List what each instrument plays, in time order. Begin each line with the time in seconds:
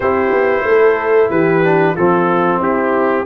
0.00 tuba C4, trombone E4, horn G4, trumpet C5
0.31 tuba B3
0.63 tuba A3, horn A4
1.30 tuba E3, horn G4, trumpet B4
1.63 trombone D4
1.93 tuba F3, trombone C4, horn F4, trumpet A4
2.57 tuba C4, horn E4, trumpet G4